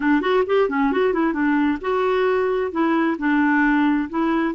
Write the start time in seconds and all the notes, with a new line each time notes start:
0.00 D4
0.21 F#4
0.46 G4
0.69 C#4
0.92 F#4
1.13 E4
1.33 D4
1.81 F#4
2.71 E4
3.18 D4
4.09 E4